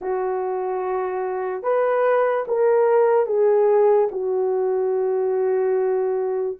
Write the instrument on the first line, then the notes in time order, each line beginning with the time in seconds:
horn
0.01 F#4
1.62 B4
2.47 A#4
3.26 G#4
4.11 F#4